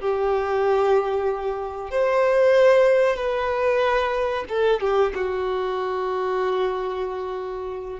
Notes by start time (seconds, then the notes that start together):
0.00 G4
1.91 C5
3.17 B4
4.49 A4
4.80 G4
5.14 F#4